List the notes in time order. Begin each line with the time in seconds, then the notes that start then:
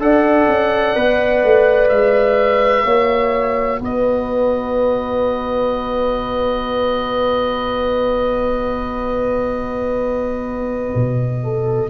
0.00 D4 A4 D5 F#5
0.48 C#4
0.96 B3 B4
1.44 A3
1.89 G#3 E5
2.85 A#3 F#4 C#5
3.81 B3 B4 D#5
10.95 B2
11.44 A4